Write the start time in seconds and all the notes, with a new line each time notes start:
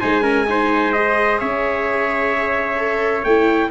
0.00 G#3 D#4 C5 G#5
0.22 C#4 A#4
0.49 D#4 C5
0.92 G#4 D#5
1.39 C#4 C#5 E5
2.77 A4
3.24 A3 E4 G5